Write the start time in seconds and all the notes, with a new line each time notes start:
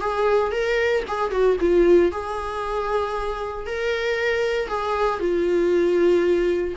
0.00 G#4
0.51 A#4
1.07 G#4
1.30 F#4
1.60 F4
2.12 G#4
3.66 A#4
4.68 G#4
5.20 F4